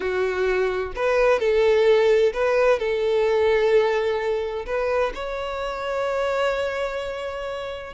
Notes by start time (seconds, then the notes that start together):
0.00 F#4
0.95 B4
1.39 A4
2.33 B4
2.79 A4
4.66 B4
5.14 C#5